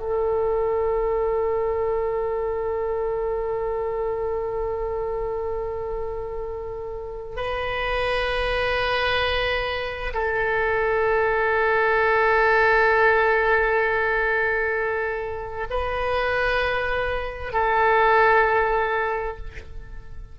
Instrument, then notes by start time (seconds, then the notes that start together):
oboe
0.00 A4
7.36 B4
10.14 A4
15.70 B4
17.53 A4